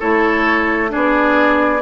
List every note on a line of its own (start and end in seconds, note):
0.00 0.94 A3
0.00 0.89 E4
0.00 0.91 A4
0.00 0.91 C#5
0.89 1.82 B3
0.89 1.80 D4
0.89 1.82 G#4
0.89 1.82 D5